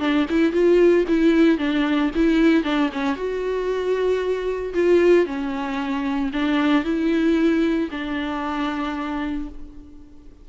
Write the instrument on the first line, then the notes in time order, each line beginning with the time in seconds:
viola
0.00 D4
0.30 E4
0.53 F4
1.09 E4
1.58 D4
2.16 E4
2.64 D4
2.93 C#4
3.16 F#4
4.75 F4
5.26 C#4
6.33 D4
6.84 E4
7.91 D4